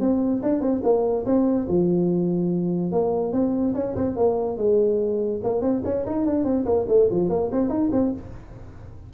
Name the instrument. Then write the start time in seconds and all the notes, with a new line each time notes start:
tuba
0.00 C4
0.42 D4
0.60 C4
0.83 A#3
1.26 C4
1.68 F3
2.92 A#3
3.32 C4
3.74 C#4
3.96 C4
4.16 A#3
4.57 G#3
5.43 A#3
5.61 C4
5.84 C#4
6.06 D#4
6.25 D4
6.44 C4
6.65 A#3
6.88 A3
7.10 F3
7.29 A#3
7.52 C4
7.69 D#4
7.91 C4